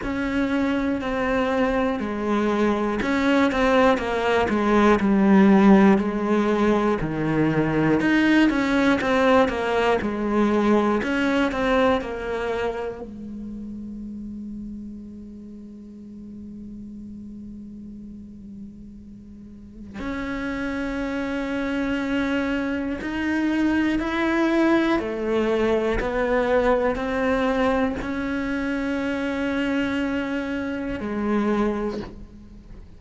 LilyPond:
\new Staff \with { instrumentName = "cello" } { \time 4/4 \tempo 4 = 60 cis'4 c'4 gis4 cis'8 c'8 | ais8 gis8 g4 gis4 dis4 | dis'8 cis'8 c'8 ais8 gis4 cis'8 c'8 | ais4 gis2.~ |
gis1 | cis'2. dis'4 | e'4 a4 b4 c'4 | cis'2. gis4 | }